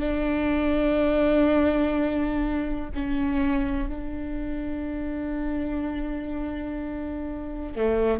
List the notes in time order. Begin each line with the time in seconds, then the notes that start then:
0.00 D4
2.95 C#4
3.88 D4
7.76 A3